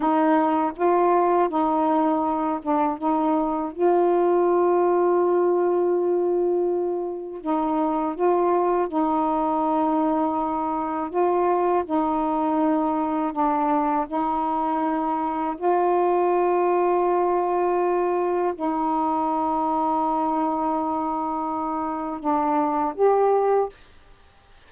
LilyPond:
\new Staff \with { instrumentName = "saxophone" } { \time 4/4 \tempo 4 = 81 dis'4 f'4 dis'4. d'8 | dis'4 f'2.~ | f'2 dis'4 f'4 | dis'2. f'4 |
dis'2 d'4 dis'4~ | dis'4 f'2.~ | f'4 dis'2.~ | dis'2 d'4 g'4 | }